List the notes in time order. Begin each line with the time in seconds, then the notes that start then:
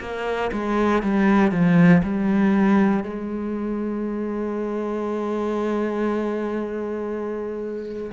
0.00 A#3
0.52 G#3
1.02 G3
1.51 F3
2.02 G3
3.03 G#3